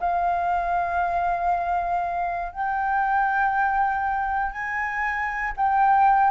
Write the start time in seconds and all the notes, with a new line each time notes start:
0.00 F5
2.52 G5
4.52 G#5
5.57 G5